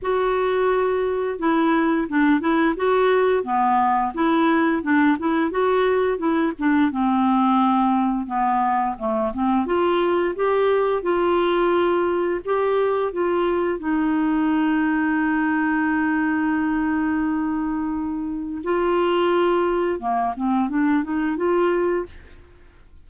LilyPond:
\new Staff \with { instrumentName = "clarinet" } { \time 4/4 \tempo 4 = 87 fis'2 e'4 d'8 e'8 | fis'4 b4 e'4 d'8 e'8 | fis'4 e'8 d'8 c'2 | b4 a8 c'8 f'4 g'4 |
f'2 g'4 f'4 | dis'1~ | dis'2. f'4~ | f'4 ais8 c'8 d'8 dis'8 f'4 | }